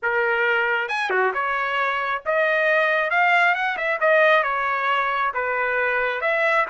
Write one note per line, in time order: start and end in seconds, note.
0.02 0.88 A#4
0.88 1.10 G#5
1.10 1.32 F#4
1.33 2.22 C#5
2.25 3.10 D#5
3.10 3.54 F5
3.54 3.77 F#5
3.77 3.99 E5
4.00 4.43 D#5
4.43 5.32 C#5
5.34 6.21 B4
6.21 6.65 E5